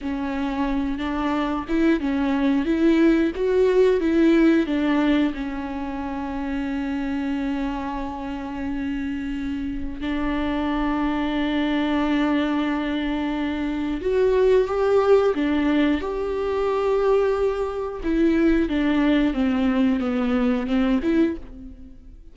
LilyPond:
\new Staff \with { instrumentName = "viola" } { \time 4/4 \tempo 4 = 90 cis'4. d'4 e'8 cis'4 | e'4 fis'4 e'4 d'4 | cis'1~ | cis'2. d'4~ |
d'1~ | d'4 fis'4 g'4 d'4 | g'2. e'4 | d'4 c'4 b4 c'8 e'8 | }